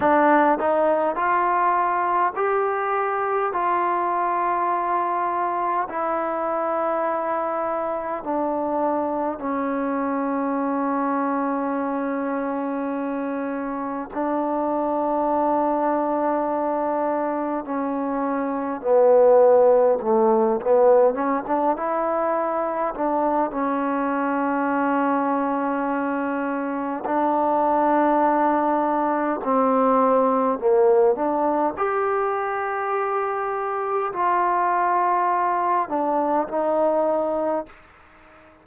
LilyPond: \new Staff \with { instrumentName = "trombone" } { \time 4/4 \tempo 4 = 51 d'8 dis'8 f'4 g'4 f'4~ | f'4 e'2 d'4 | cis'1 | d'2. cis'4 |
b4 a8 b8 cis'16 d'16 e'4 d'8 | cis'2. d'4~ | d'4 c'4 ais8 d'8 g'4~ | g'4 f'4. d'8 dis'4 | }